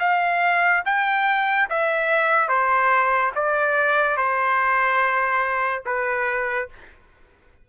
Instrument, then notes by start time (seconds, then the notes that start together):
trumpet
0.00 F5
0.86 G5
1.70 E5
2.48 C5
3.36 D5
4.17 C5
5.86 B4